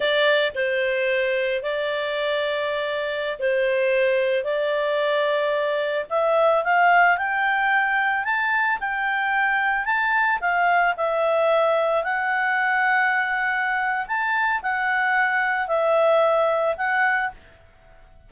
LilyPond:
\new Staff \with { instrumentName = "clarinet" } { \time 4/4 \tempo 4 = 111 d''4 c''2 d''4~ | d''2~ d''16 c''4.~ c''16~ | c''16 d''2. e''8.~ | e''16 f''4 g''2 a''8.~ |
a''16 g''2 a''4 f''8.~ | f''16 e''2 fis''4.~ fis''16~ | fis''2 a''4 fis''4~ | fis''4 e''2 fis''4 | }